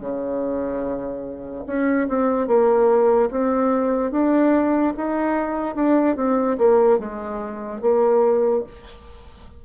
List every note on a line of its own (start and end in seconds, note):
0.00 1.64 C#3
1.66 2.07 C#4
2.08 2.47 C4
2.47 3.30 A#3
3.31 4.11 C4
4.11 4.93 D4
4.97 5.75 D#4
5.75 6.16 D4
6.16 6.57 C4
6.58 6.99 A#3
6.99 7.81 G#3
7.81 8.63 A#3